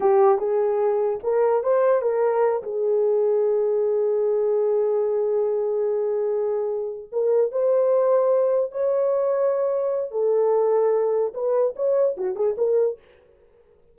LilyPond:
\new Staff \with { instrumentName = "horn" } { \time 4/4 \tempo 4 = 148 g'4 gis'2 ais'4 | c''4 ais'4. gis'4.~ | gis'1~ | gis'1~ |
gis'4. ais'4 c''4.~ | c''4. cis''2~ cis''8~ | cis''4 a'2. | b'4 cis''4 fis'8 gis'8 ais'4 | }